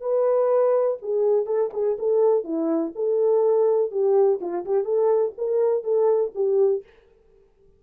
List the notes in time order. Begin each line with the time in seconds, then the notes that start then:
0.00 B4
1.02 G#4
1.46 A4
1.73 G#4
1.98 A4
2.44 E4
2.95 A4
3.91 G4
4.40 F4
4.65 G4
4.84 A4
5.37 A#4
5.83 A4
6.35 G4